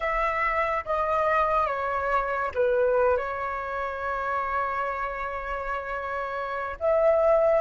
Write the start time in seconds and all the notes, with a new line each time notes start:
0.00 E5
0.85 D#5
1.66 C#5
2.54 B4
3.17 C#5
6.79 E5